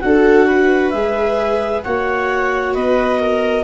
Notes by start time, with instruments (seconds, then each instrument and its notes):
0.00 tuba D4, viola F#4 A4, clarinet F#5
0.47 viola B4
0.90 tuba G#3, viola G#4, clarinet E5
1.83 tuba A#3, viola F#4 C#5, clarinet F#5
2.74 tuba B3, viola B4, clarinet D#5
3.19 viola A#4